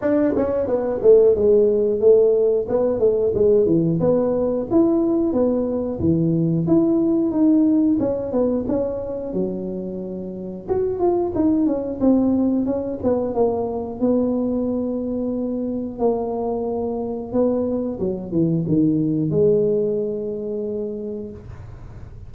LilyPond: \new Staff \with { instrumentName = "tuba" } { \time 4/4 \tempo 4 = 90 d'8 cis'8 b8 a8 gis4 a4 | b8 a8 gis8 e8 b4 e'4 | b4 e4 e'4 dis'4 | cis'8 b8 cis'4 fis2 |
fis'8 f'8 dis'8 cis'8 c'4 cis'8 b8 | ais4 b2. | ais2 b4 fis8 e8 | dis4 gis2. | }